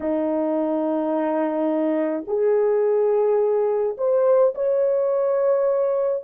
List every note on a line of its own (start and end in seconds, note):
0.00 2.24 D#4
2.26 3.96 G#4
3.97 4.54 C5
4.54 6.23 C#5